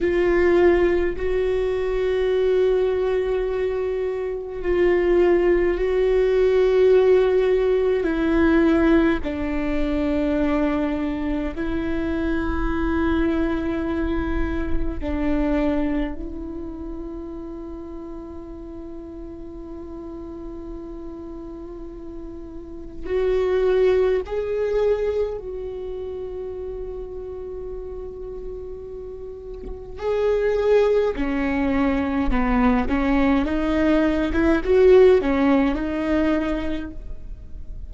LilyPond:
\new Staff \with { instrumentName = "viola" } { \time 4/4 \tempo 4 = 52 f'4 fis'2. | f'4 fis'2 e'4 | d'2 e'2~ | e'4 d'4 e'2~ |
e'1 | fis'4 gis'4 fis'2~ | fis'2 gis'4 cis'4 | b8 cis'8 dis'8. e'16 fis'8 cis'8 dis'4 | }